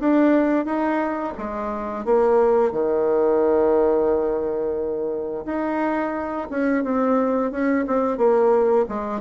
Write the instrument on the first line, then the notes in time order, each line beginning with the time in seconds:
bassoon
0.00 D4
0.66 D#4
1.38 G#3
2.05 A#3
2.72 D#3
5.46 D#4
6.51 C#4
6.84 C4
7.52 C#4
7.87 C4
8.18 A#3
8.89 G#3